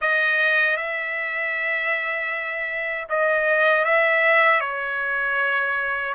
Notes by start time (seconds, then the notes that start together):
0.01 D#5
0.76 E5
3.09 D#5
3.85 E5
4.60 C#5